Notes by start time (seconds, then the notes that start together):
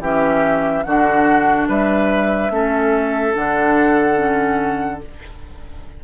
0.00 E3 C#4 G4 E5
0.83 D3 D4 F#4 F#5
1.68 G3 B4 E5
2.50 A3 C#4 A4
3.33 D3 D4 F#5
4.15 C#4